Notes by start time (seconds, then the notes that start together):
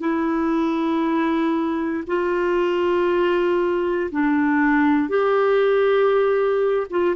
0.00 E4
2.07 F4
4.11 D4
5.09 G4
6.90 F4